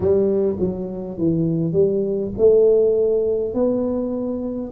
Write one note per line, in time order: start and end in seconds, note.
0.00 0.56 G3
0.59 1.18 F#3
1.18 1.72 E3
1.72 2.31 G3
2.37 3.53 A3
3.53 4.71 B3